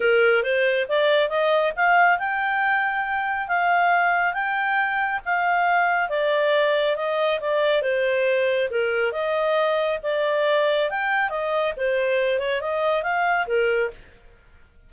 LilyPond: \new Staff \with { instrumentName = "clarinet" } { \time 4/4 \tempo 4 = 138 ais'4 c''4 d''4 dis''4 | f''4 g''2. | f''2 g''2 | f''2 d''2 |
dis''4 d''4 c''2 | ais'4 dis''2 d''4~ | d''4 g''4 dis''4 c''4~ | c''8 cis''8 dis''4 f''4 ais'4 | }